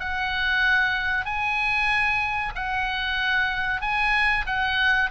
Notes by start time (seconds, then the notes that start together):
0.00 F#5
1.25 G#5
2.55 F#5
3.82 G#5
4.47 F#5